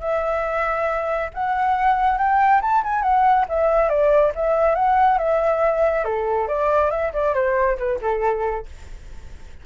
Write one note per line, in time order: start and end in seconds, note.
0.00 1.29 E5
1.34 2.18 F#5
2.18 2.61 G5
2.61 2.83 A5
2.83 3.02 G#5
3.02 3.45 F#5
3.48 3.89 E5
3.89 4.32 D5
4.35 4.75 E5
4.75 5.18 F#5
5.18 6.04 E5
6.04 6.47 A4
6.47 6.90 D5
6.90 7.12 E5
7.13 7.34 D5
7.34 7.77 C5
7.77 7.99 B4
8.01 8.66 A4